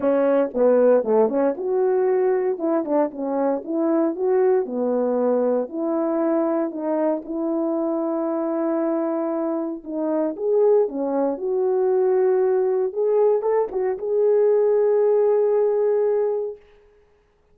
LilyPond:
\new Staff \with { instrumentName = "horn" } { \time 4/4 \tempo 4 = 116 cis'4 b4 a8 cis'8 fis'4~ | fis'4 e'8 d'8 cis'4 e'4 | fis'4 b2 e'4~ | e'4 dis'4 e'2~ |
e'2. dis'4 | gis'4 cis'4 fis'2~ | fis'4 gis'4 a'8 fis'8 gis'4~ | gis'1 | }